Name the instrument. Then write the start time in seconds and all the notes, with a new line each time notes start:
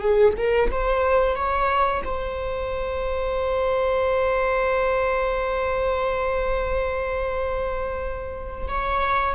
viola
0.00 G#4
0.37 A#4
0.71 C5
1.35 C#5
2.04 C5
8.68 C#5